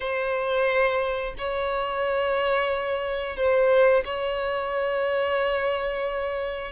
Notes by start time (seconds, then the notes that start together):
0.00 C5
1.38 C#5
3.36 C5
4.04 C#5